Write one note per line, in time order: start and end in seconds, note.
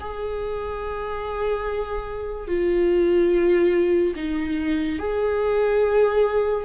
0.00 2.48 G#4
2.48 4.14 F4
4.16 4.99 D#4
4.99 6.65 G#4